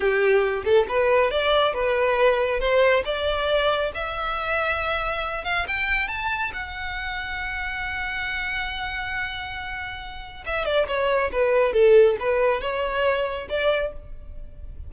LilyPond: \new Staff \with { instrumentName = "violin" } { \time 4/4 \tempo 4 = 138 g'4. a'8 b'4 d''4 | b'2 c''4 d''4~ | d''4 e''2.~ | e''8 f''8 g''4 a''4 fis''4~ |
fis''1~ | fis''1 | e''8 d''8 cis''4 b'4 a'4 | b'4 cis''2 d''4 | }